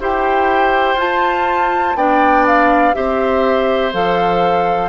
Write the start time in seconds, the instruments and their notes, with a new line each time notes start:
0.00 bassoon E4, clarinet G4, oboe C5, flute G5
0.94 bassoon F4, clarinet F4, flute A5
1.94 bassoon B3, clarinet D4, oboe D5, flute G5
2.47 flute F5
2.93 bassoon C4, clarinet G4, oboe C5, flute E5
3.93 bassoon F3, clarinet A4, flute F5